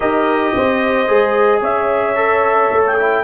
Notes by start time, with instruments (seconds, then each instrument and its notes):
0.00 tuba D#4, trombone G4, horn A#4, trumpet D#5
0.54 tuba C4, horn C5
1.07 tuba G#3, trombone G#4
1.61 tuba C#4, horn C#5, trumpet E5
2.16 trombone A4
2.71 tuba A3
2.86 trumpet G5
2.98 trombone E4